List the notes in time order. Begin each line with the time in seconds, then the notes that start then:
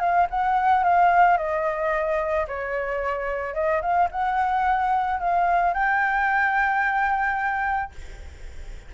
0.00 F5
0.30 F#5
0.84 F5
1.38 D#5
2.48 C#5
3.54 D#5
3.82 F5
4.11 F#5
5.20 F5
5.74 G5